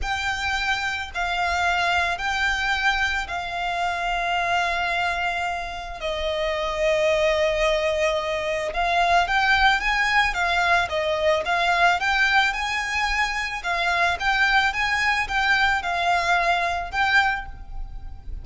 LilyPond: \new Staff \with { instrumentName = "violin" } { \time 4/4 \tempo 4 = 110 g''2 f''2 | g''2 f''2~ | f''2. dis''4~ | dis''1 |
f''4 g''4 gis''4 f''4 | dis''4 f''4 g''4 gis''4~ | gis''4 f''4 g''4 gis''4 | g''4 f''2 g''4 | }